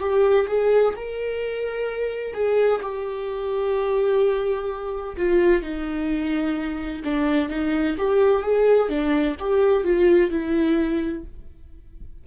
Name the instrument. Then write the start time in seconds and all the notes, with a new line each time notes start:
viola
0.00 G4
0.47 G#4
0.96 A#4
2.34 G#4
2.82 G4
5.17 F4
5.62 D#4
7.04 D4
7.49 D#4
7.98 G4
8.43 G#4
8.89 D4
9.39 G4
9.84 F4
10.30 E4